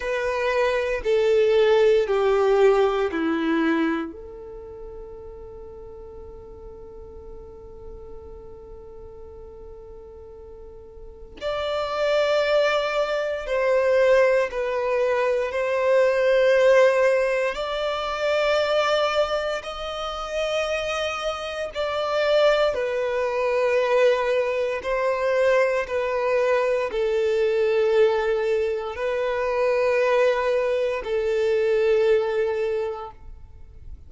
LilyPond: \new Staff \with { instrumentName = "violin" } { \time 4/4 \tempo 4 = 58 b'4 a'4 g'4 e'4 | a'1~ | a'2. d''4~ | d''4 c''4 b'4 c''4~ |
c''4 d''2 dis''4~ | dis''4 d''4 b'2 | c''4 b'4 a'2 | b'2 a'2 | }